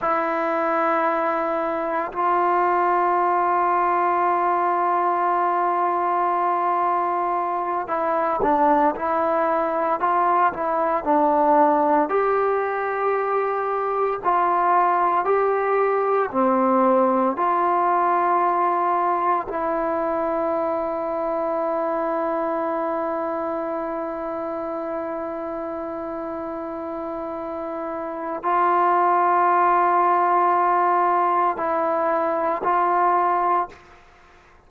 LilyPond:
\new Staff \with { instrumentName = "trombone" } { \time 4/4 \tempo 4 = 57 e'2 f'2~ | f'2.~ f'8 e'8 | d'8 e'4 f'8 e'8 d'4 g'8~ | g'4. f'4 g'4 c'8~ |
c'8 f'2 e'4.~ | e'1~ | e'2. f'4~ | f'2 e'4 f'4 | }